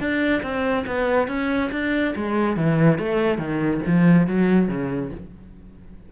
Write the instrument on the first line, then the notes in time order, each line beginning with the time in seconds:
cello
0.00 D4
0.43 C4
0.87 B3
1.28 C#4
1.72 D4
2.16 G#3
2.57 E3
2.99 A3
3.38 D#3
3.87 F3
4.27 F#3
4.69 C#3